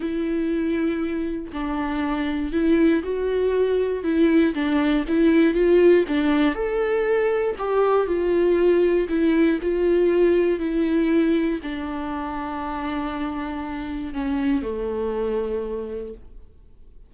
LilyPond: \new Staff \with { instrumentName = "viola" } { \time 4/4 \tempo 4 = 119 e'2. d'4~ | d'4 e'4 fis'2 | e'4 d'4 e'4 f'4 | d'4 a'2 g'4 |
f'2 e'4 f'4~ | f'4 e'2 d'4~ | d'1 | cis'4 a2. | }